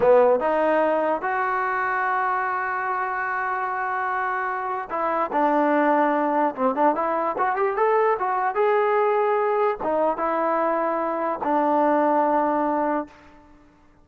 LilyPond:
\new Staff \with { instrumentName = "trombone" } { \time 4/4 \tempo 4 = 147 b4 dis'2 fis'4~ | fis'1~ | fis'1 | e'4 d'2. |
c'8 d'8 e'4 fis'8 g'8 a'4 | fis'4 gis'2. | dis'4 e'2. | d'1 | }